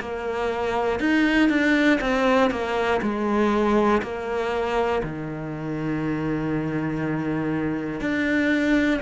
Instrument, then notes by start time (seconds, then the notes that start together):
cello
0.00 A#3
1.00 D#4
1.50 D4
2.01 C4
2.51 A#3
3.01 G#3
4.02 A#3
5.03 D#3
8.00 D4